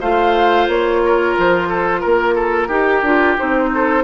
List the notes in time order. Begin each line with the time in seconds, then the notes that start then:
0.00 A3 F4 C5 F5
0.67 A#3 C#5
1.05 A#4
1.37 F3 C5
1.68 A4
2.00 A#3 A#4
2.35 A4
2.68 D#4 G4
3.02 D4 F4
3.37 C4 D#4 C5
3.74 A4